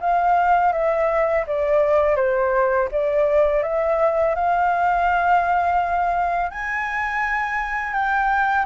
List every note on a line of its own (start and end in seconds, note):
0.00 0.72 F5
0.72 1.44 E5
1.47 2.16 D5
2.16 2.88 C5
2.91 3.62 D5
3.62 4.35 E5
4.35 6.51 F5
6.51 7.93 G#5
7.93 8.65 G5